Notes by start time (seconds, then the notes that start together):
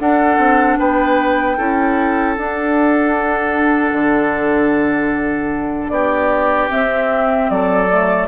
0.00 D4 A4 F#5
0.38 C4
0.79 B3 B4 G5
1.58 C#4 E4 A4
2.36 D4 F#5
3.93 D3
5.89 B3 G4 D5
6.70 C4 E5
7.50 F#3 A4 D5
7.90 A3